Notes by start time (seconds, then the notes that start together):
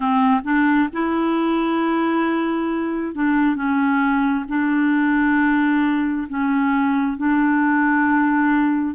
0.00 C4
0.44 D4
0.92 E4
3.14 D4
3.55 C#4
4.48 D4
6.28 C#4
7.16 D4